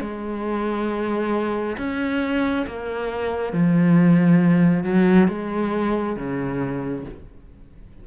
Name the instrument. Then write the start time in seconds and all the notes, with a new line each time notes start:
cello
0.00 G#3
1.78 C#4
2.67 A#3
3.53 F3
4.84 F#3
5.28 G#3
6.16 C#3